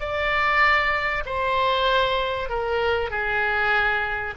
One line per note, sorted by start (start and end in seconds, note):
0.00 1.24 D5
1.26 2.49 C5
2.49 3.10 A#4
3.10 4.34 G#4